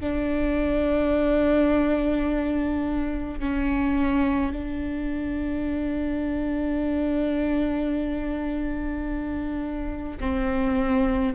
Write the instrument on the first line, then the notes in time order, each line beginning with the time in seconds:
viola
0.00 D4
3.40 C#4
4.52 D4
10.20 C4